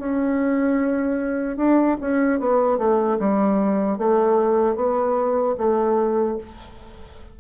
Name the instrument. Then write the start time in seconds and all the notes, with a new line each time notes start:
bassoon
0.00 C#4
1.57 D4
2.01 C#4
2.40 B3
2.79 A3
3.20 G3
3.99 A3
4.76 B3
5.58 A3